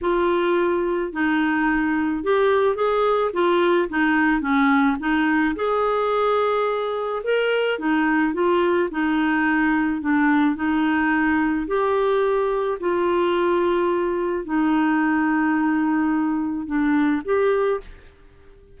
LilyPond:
\new Staff \with { instrumentName = "clarinet" } { \time 4/4 \tempo 4 = 108 f'2 dis'2 | g'4 gis'4 f'4 dis'4 | cis'4 dis'4 gis'2~ | gis'4 ais'4 dis'4 f'4 |
dis'2 d'4 dis'4~ | dis'4 g'2 f'4~ | f'2 dis'2~ | dis'2 d'4 g'4 | }